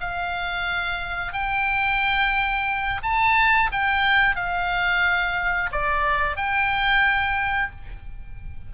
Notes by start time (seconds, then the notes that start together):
0.00 F5
1.32 G5
3.03 A5
3.72 G5
4.35 F5
5.72 D5
6.36 G5